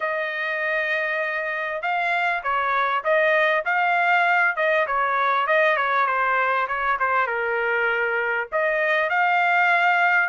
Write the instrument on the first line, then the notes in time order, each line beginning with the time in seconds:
trumpet
0.00 D#5
1.82 F5
2.43 C#5
3.04 D#5
3.65 F5
4.56 D#5
4.87 C#5
5.47 D#5
5.77 C#5
6.06 C5
6.67 C#5
6.99 C5
7.26 A#4
8.52 D#5
9.09 F5